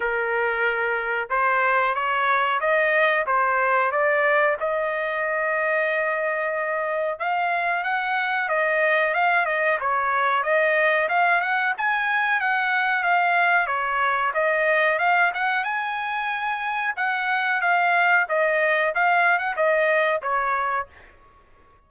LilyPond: \new Staff \with { instrumentName = "trumpet" } { \time 4/4 \tempo 4 = 92 ais'2 c''4 cis''4 | dis''4 c''4 d''4 dis''4~ | dis''2. f''4 | fis''4 dis''4 f''8 dis''8 cis''4 |
dis''4 f''8 fis''8 gis''4 fis''4 | f''4 cis''4 dis''4 f''8 fis''8 | gis''2 fis''4 f''4 | dis''4 f''8. fis''16 dis''4 cis''4 | }